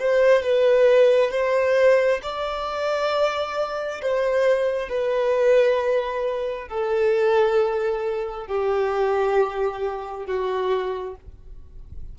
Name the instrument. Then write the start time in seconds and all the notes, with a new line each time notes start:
violin
0.00 C5
0.43 B4
1.31 C5
2.23 D5
4.02 C5
4.89 B4
6.68 A4
8.47 G4
10.26 F#4